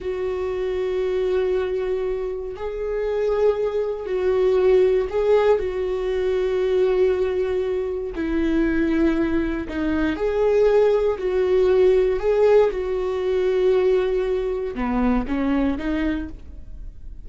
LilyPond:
\new Staff \with { instrumentName = "viola" } { \time 4/4 \tempo 4 = 118 fis'1~ | fis'4 gis'2. | fis'2 gis'4 fis'4~ | fis'1 |
e'2. dis'4 | gis'2 fis'2 | gis'4 fis'2.~ | fis'4 b4 cis'4 dis'4 | }